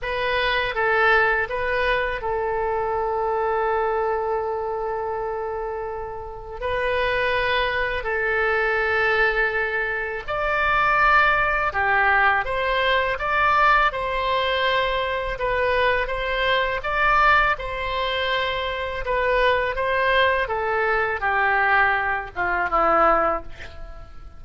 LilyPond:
\new Staff \with { instrumentName = "oboe" } { \time 4/4 \tempo 4 = 82 b'4 a'4 b'4 a'4~ | a'1~ | a'4 b'2 a'4~ | a'2 d''2 |
g'4 c''4 d''4 c''4~ | c''4 b'4 c''4 d''4 | c''2 b'4 c''4 | a'4 g'4. f'8 e'4 | }